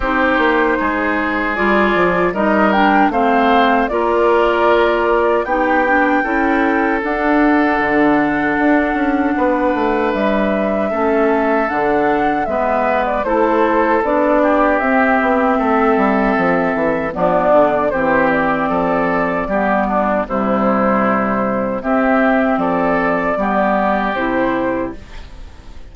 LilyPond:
<<
  \new Staff \with { instrumentName = "flute" } { \time 4/4 \tempo 4 = 77 c''2 d''4 dis''8 g''8 | f''4 d''2 g''4~ | g''4 fis''2.~ | fis''4 e''2 fis''4 |
e''8. d''16 c''4 d''4 e''4~ | e''2 d''4 c''8 d''8~ | d''2 c''2 | e''4 d''2 c''4 | }
  \new Staff \with { instrumentName = "oboe" } { \time 4/4 g'4 gis'2 ais'4 | c''4 ais'2 g'4 | a'1 | b'2 a'2 |
b'4 a'4. g'4. | a'2 d'4 g'4 | a'4 g'8 d'8 e'2 | g'4 a'4 g'2 | }
  \new Staff \with { instrumentName = "clarinet" } { \time 4/4 dis'2 f'4 dis'8 d'8 | c'4 f'2 dis'8 d'8 | e'4 d'2.~ | d'2 cis'4 d'4 |
b4 e'4 d'4 c'4~ | c'2 b4 c'4~ | c'4 b4 g2 | c'2 b4 e'4 | }
  \new Staff \with { instrumentName = "bassoon" } { \time 4/4 c'8 ais8 gis4 g8 f8 g4 | a4 ais2 b4 | cis'4 d'4 d4 d'8 cis'8 | b8 a8 g4 a4 d4 |
gis4 a4 b4 c'8 b8 | a8 g8 f8 e8 f8 d8 e4 | f4 g4 c2 | c'4 f4 g4 c4 | }
>>